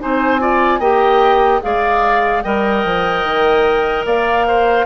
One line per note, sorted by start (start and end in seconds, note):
0.00 0.80 C4
0.00 0.40 D#4
0.00 0.42 C5
0.00 0.81 G#5
0.40 0.80 F4
0.40 0.80 D5
0.80 1.61 A#3
0.80 1.61 G4
0.80 1.61 D#5
0.80 1.62 G5
1.61 2.45 G#3
1.61 2.43 G#4
1.61 2.44 D5
1.61 2.42 F5
2.42 2.84 G3
2.42 4.86 A#4
2.42 4.06 D#5
2.42 4.05 G5
2.84 3.25 F3
3.25 4.05 D#3
4.05 4.86 A#3
4.05 4.47 D5
4.05 4.86 F5
4.47 4.86 C5